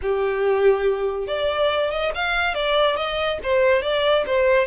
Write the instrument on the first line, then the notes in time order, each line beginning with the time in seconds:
violin
0.02 G4
1.27 D5
1.90 D#5
2.14 F5
2.54 D5
2.96 D#5
3.43 C5
3.82 D5
4.26 C5